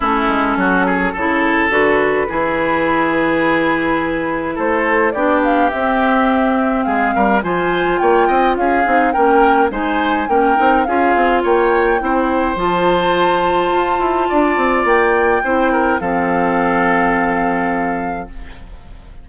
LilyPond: <<
  \new Staff \with { instrumentName = "flute" } { \time 4/4 \tempo 4 = 105 a'2. b'4~ | b'1 | c''4 d''8 f''8 e''2 | f''4 gis''4 g''4 f''4 |
g''4 gis''4 g''4 f''4 | g''2 a''2~ | a''2 g''2 | f''1 | }
  \new Staff \with { instrumentName = "oboe" } { \time 4/4 e'4 fis'8 gis'8 a'2 | gis'1 | a'4 g'2. | gis'8 ais'8 c''4 cis''8 dis''8 gis'4 |
ais'4 c''4 ais'4 gis'4 | cis''4 c''2.~ | c''4 d''2 c''8 ais'8 | a'1 | }
  \new Staff \with { instrumentName = "clarinet" } { \time 4/4 cis'2 e'4 fis'4 | e'1~ | e'4 d'4 c'2~ | c'4 f'2~ f'8 dis'8 |
cis'4 dis'4 cis'8 dis'8 f'4~ | f'4 e'4 f'2~ | f'2. e'4 | c'1 | }
  \new Staff \with { instrumentName = "bassoon" } { \time 4/4 a8 gis8 fis4 cis4 d4 | e1 | a4 b4 c'2 | gis8 g8 f4 ais8 c'8 cis'8 c'8 |
ais4 gis4 ais8 c'8 cis'8 c'8 | ais4 c'4 f2 | f'8 e'8 d'8 c'8 ais4 c'4 | f1 | }
>>